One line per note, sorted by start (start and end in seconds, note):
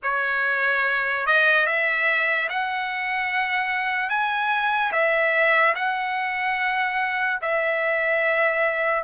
0.03 1.26 C#5
1.26 1.66 D#5
1.66 2.48 E5
2.49 4.09 F#5
4.09 4.91 G#5
4.92 5.74 E5
5.75 7.39 F#5
7.41 9.03 E5